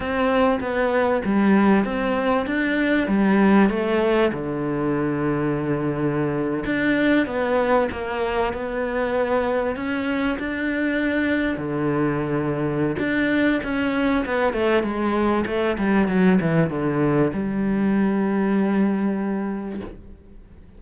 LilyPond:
\new Staff \with { instrumentName = "cello" } { \time 4/4 \tempo 4 = 97 c'4 b4 g4 c'4 | d'4 g4 a4 d4~ | d2~ d8. d'4 b16~ | b8. ais4 b2 cis'16~ |
cis'8. d'2 d4~ d16~ | d4 d'4 cis'4 b8 a8 | gis4 a8 g8 fis8 e8 d4 | g1 | }